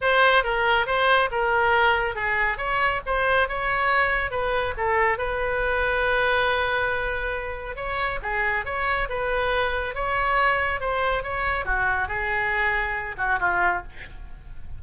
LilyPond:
\new Staff \with { instrumentName = "oboe" } { \time 4/4 \tempo 4 = 139 c''4 ais'4 c''4 ais'4~ | ais'4 gis'4 cis''4 c''4 | cis''2 b'4 a'4 | b'1~ |
b'2 cis''4 gis'4 | cis''4 b'2 cis''4~ | cis''4 c''4 cis''4 fis'4 | gis'2~ gis'8 fis'8 f'4 | }